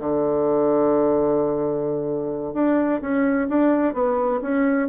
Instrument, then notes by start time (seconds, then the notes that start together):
bassoon
0.00 D3
2.54 D4
3.02 C#4
3.49 D4
3.94 B3
4.42 C#4